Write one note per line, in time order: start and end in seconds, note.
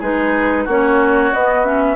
0.00 0.67 G#3
0.00 0.67 D#4
0.00 0.65 G#4
0.00 0.68 B4
0.65 1.33 A#3
0.65 1.35 C#4
0.65 1.95 F#4
0.65 1.34 C#5
1.34 1.96 B3
1.34 1.65 B3
1.34 1.66 D#5
1.65 1.96 C#4
1.65 1.96 E5